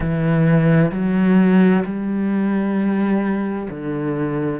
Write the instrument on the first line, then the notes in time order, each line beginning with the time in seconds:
cello
0.00 E3
0.91 F#3
1.84 G3
3.70 D3